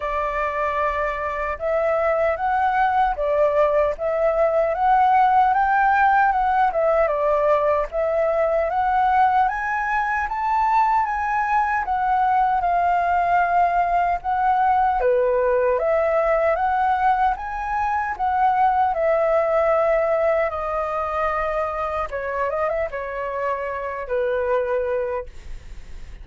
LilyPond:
\new Staff \with { instrumentName = "flute" } { \time 4/4 \tempo 4 = 76 d''2 e''4 fis''4 | d''4 e''4 fis''4 g''4 | fis''8 e''8 d''4 e''4 fis''4 | gis''4 a''4 gis''4 fis''4 |
f''2 fis''4 b'4 | e''4 fis''4 gis''4 fis''4 | e''2 dis''2 | cis''8 dis''16 e''16 cis''4. b'4. | }